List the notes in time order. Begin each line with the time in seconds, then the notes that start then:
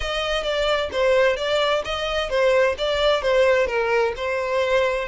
0.00 D#5
0.43 D5
0.92 C5
1.36 D5
1.84 D#5
2.29 C5
2.78 D5
3.21 C5
3.67 A#4
4.16 C5